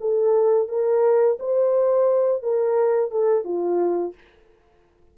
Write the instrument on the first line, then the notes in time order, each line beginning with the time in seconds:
horn
0.00 A4
0.68 A#4
1.39 C5
2.42 A#4
3.11 A4
3.44 F4